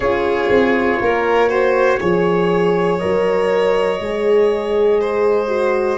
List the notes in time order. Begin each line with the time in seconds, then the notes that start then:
0.00 C#4 F4 G#4 C#5
0.50 C4
1.00 A#3 A#4
1.49 F#4 C5
1.99 F3 G#4 C#5
2.98 F#3 A#4 D#5
4.00 G#3 G#4
5.00 C5
5.48 F#4